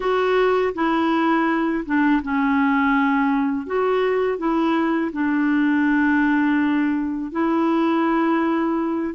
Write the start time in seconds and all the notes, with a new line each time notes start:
0.00 F#4
0.74 E4
1.85 D4
2.22 C#4
3.66 F#4
4.37 E4
5.12 D4
7.31 E4